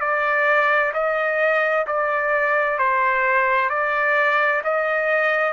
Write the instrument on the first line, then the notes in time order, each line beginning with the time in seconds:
trumpet
0.00 D5
0.93 D#5
1.86 D5
2.78 C5
3.69 D5
4.64 D#5